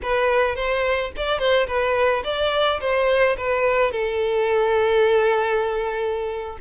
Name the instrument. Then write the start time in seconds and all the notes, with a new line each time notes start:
violin
0.02 B4
0.55 C5
1.16 D5
1.38 C5
1.67 B4
2.24 D5
2.80 C5
3.37 B4
3.91 A4